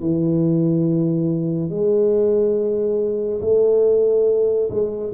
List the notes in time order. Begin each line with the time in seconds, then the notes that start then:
0.00 E3
1.69 G#3
3.41 A3
4.70 G#3